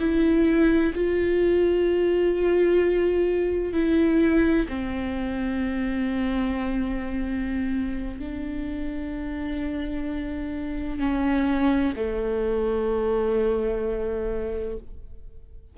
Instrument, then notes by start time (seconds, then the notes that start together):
viola
0.00 E4
0.95 F4
3.73 E4
4.69 C4
8.19 D4
10.99 C#4
11.96 A3